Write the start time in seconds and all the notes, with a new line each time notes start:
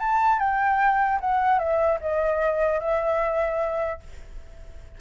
0.00 A5
0.39 G5
1.21 F#5
1.59 E5
2.01 D#5
2.80 E5